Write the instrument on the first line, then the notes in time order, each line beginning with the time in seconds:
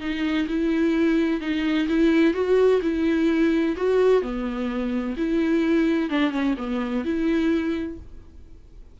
viola
0.00 D#4
0.48 E4
1.40 D#4
1.88 E4
2.34 F#4
2.82 E4
3.76 F#4
4.22 B3
5.17 E4
6.10 D4
6.31 C#4
6.58 B3
7.05 E4